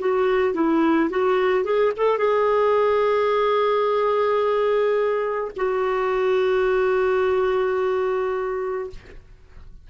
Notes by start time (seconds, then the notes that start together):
0.00 F#4
0.55 E4
1.11 F#4
1.65 G#4
1.97 A4
2.19 G#4
5.57 F#4